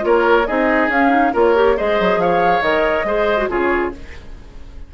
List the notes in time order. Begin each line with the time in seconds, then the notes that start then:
0.00 A#3 F4 A#4 C#5
0.46 C4 D#4 G#4 D#5
0.88 C#4 F5
1.09 D#4
1.33 A#3 F4 A#4 C#5
1.55 G4
1.76 G#3 G#4 C5 D#5
1.99 F#3
2.17 F3 C#5 F5
2.61 D#3 A#4 D#5
3.04 G#3 G#4 C5
3.37 F#4
3.48 C#3 F4 G#4 C#5